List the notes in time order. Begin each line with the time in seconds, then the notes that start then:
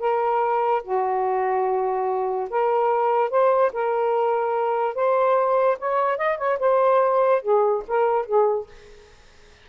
0.00 A#4
0.84 F#4
2.50 A#4
3.30 C5
3.73 A#4
4.95 C5
5.79 C#5
6.18 D#5
6.38 C#5
6.60 C5
7.42 G#4
7.88 A#4
8.26 G#4